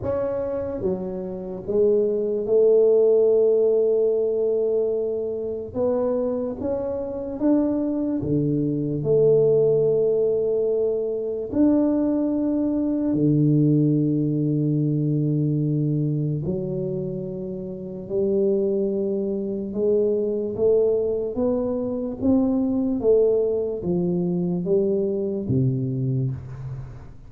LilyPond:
\new Staff \with { instrumentName = "tuba" } { \time 4/4 \tempo 4 = 73 cis'4 fis4 gis4 a4~ | a2. b4 | cis'4 d'4 d4 a4~ | a2 d'2 |
d1 | fis2 g2 | gis4 a4 b4 c'4 | a4 f4 g4 c4 | }